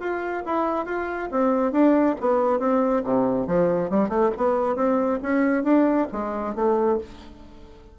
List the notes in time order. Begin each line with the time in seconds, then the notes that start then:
0.00 F4
0.46 E4
0.86 F4
1.32 C4
1.72 D4
2.21 B3
2.60 C4
3.04 C3
3.47 F3
3.90 G3
4.09 A3
4.38 B3
4.76 C4
5.23 C#4
5.64 D4
6.12 G#3
6.55 A3